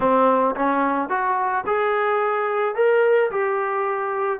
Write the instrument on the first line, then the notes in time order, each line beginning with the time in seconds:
trombone
0.00 C4
0.55 C#4
1.09 F#4
1.66 G#4
2.75 A#4
3.30 G4